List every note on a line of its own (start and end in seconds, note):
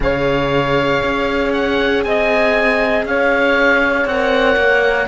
0.00 1.01 C#3
0.00 4.07 G#4
0.00 2.06 C#5
0.00 1.53 F5
1.03 2.04 C#4
1.53 2.03 F#5
2.04 3.04 C4
2.04 3.07 D#5
2.04 3.05 G#5
3.04 4.05 C#4
3.04 5.08 C#5
3.04 4.07 F5
4.05 4.56 C4
4.05 5.08 A#4
4.05 5.08 F#5
4.56 5.07 A#3